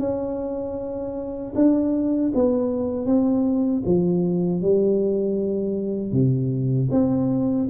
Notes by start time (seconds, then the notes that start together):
0.00 C#4
1.56 D4
2.35 B3
3.06 C4
3.86 F3
4.62 G3
6.13 C3
6.92 C4